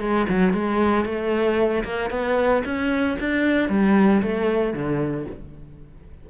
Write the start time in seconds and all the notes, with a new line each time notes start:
0.00 G#3
0.29 F#3
0.53 G#3
1.05 A3
1.84 A#3
2.11 B3
2.65 C#4
3.19 D4
3.69 G3
4.22 A3
4.74 D3